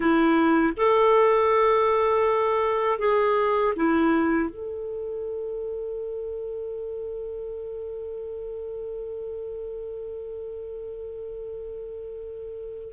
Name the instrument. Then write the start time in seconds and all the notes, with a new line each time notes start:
clarinet
0.00 E4
0.76 A4
2.98 G#4
3.76 E4
4.49 A4